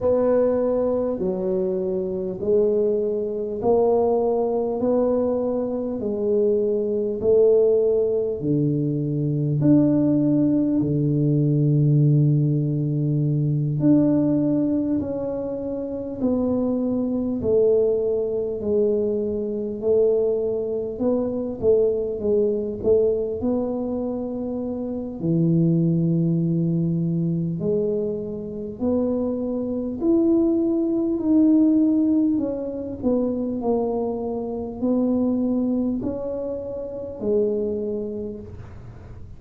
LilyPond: \new Staff \with { instrumentName = "tuba" } { \time 4/4 \tempo 4 = 50 b4 fis4 gis4 ais4 | b4 gis4 a4 d4 | d'4 d2~ d8 d'8~ | d'8 cis'4 b4 a4 gis8~ |
gis8 a4 b8 a8 gis8 a8 b8~ | b4 e2 gis4 | b4 e'4 dis'4 cis'8 b8 | ais4 b4 cis'4 gis4 | }